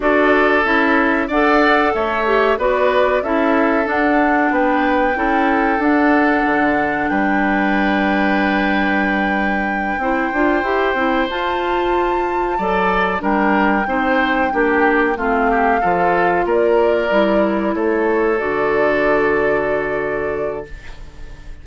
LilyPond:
<<
  \new Staff \with { instrumentName = "flute" } { \time 4/4 \tempo 4 = 93 d''4 e''4 fis''4 e''4 | d''4 e''4 fis''4 g''4~ | g''4 fis''2 g''4~ | g''1~ |
g''4. a''2~ a''8~ | a''8 g''2. f''8~ | f''4. d''2 cis''8~ | cis''8 d''2.~ d''8 | }
  \new Staff \with { instrumentName = "oboe" } { \time 4/4 a'2 d''4 cis''4 | b'4 a'2 b'4 | a'2. b'4~ | b'2.~ b'8 c''8~ |
c''2.~ c''8 d''8~ | d''8 ais'4 c''4 g'4 f'8 | g'8 a'4 ais'2 a'8~ | a'1 | }
  \new Staff \with { instrumentName = "clarinet" } { \time 4/4 fis'4 e'4 a'4. g'8 | fis'4 e'4 d'2 | e'4 d'2.~ | d'2.~ d'8 e'8 |
f'8 g'8 e'8 f'2 a'8~ | a'8 d'4 dis'4 d'4 c'8~ | c'8 f'2 e'4.~ | e'8 fis'2.~ fis'8 | }
  \new Staff \with { instrumentName = "bassoon" } { \time 4/4 d'4 cis'4 d'4 a4 | b4 cis'4 d'4 b4 | cis'4 d'4 d4 g4~ | g2.~ g8 c'8 |
d'8 e'8 c'8 f'2 fis8~ | fis8 g4 c'4 ais4 a8~ | a8 f4 ais4 g4 a8~ | a8 d2.~ d8 | }
>>